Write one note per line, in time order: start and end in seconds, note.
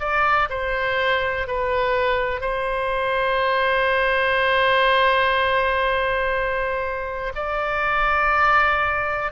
0.00 0.49 D5
0.50 1.48 C5
1.48 2.41 B4
2.41 7.33 C5
7.35 9.32 D5